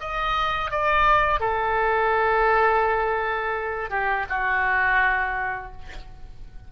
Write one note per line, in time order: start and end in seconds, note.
0.00 0.71 D#5
0.71 1.40 D5
1.40 3.90 A4
3.90 4.26 G4
4.29 5.72 F#4